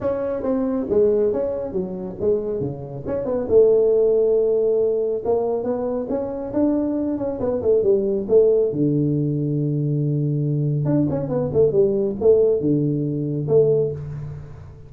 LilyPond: \new Staff \with { instrumentName = "tuba" } { \time 4/4 \tempo 4 = 138 cis'4 c'4 gis4 cis'4 | fis4 gis4 cis4 cis'8 b8 | a1 | ais4 b4 cis'4 d'4~ |
d'8 cis'8 b8 a8 g4 a4 | d1~ | d4 d'8 cis'8 b8 a8 g4 | a4 d2 a4 | }